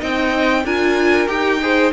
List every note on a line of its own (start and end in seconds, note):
0.00 0.64 C4
0.00 0.64 D#4
0.00 0.64 D#5
0.00 0.66 G5
0.64 1.28 D4
0.64 1.28 F4
0.64 1.61 A#4
0.64 1.28 G#5
1.28 1.93 D#4
1.28 1.60 G4
1.28 1.92 G5
1.62 1.93 G#4
1.62 1.93 C5